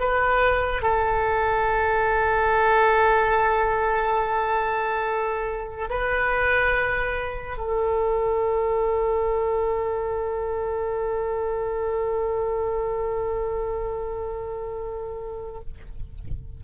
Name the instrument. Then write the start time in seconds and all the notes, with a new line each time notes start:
oboe
0.00 B4
0.82 A4
5.90 B4
7.57 A4